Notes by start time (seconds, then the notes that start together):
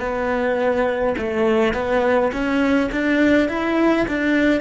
0.00 B3
1.18 A3
1.74 B3
2.32 C#4
2.92 D4
3.49 E4
4.08 D4